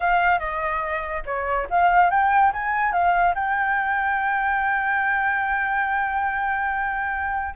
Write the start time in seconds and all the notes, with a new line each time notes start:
0.00 F5
0.39 D#5
1.25 C#5
1.70 F5
2.10 G5
2.52 G#5
2.92 F5
3.34 G5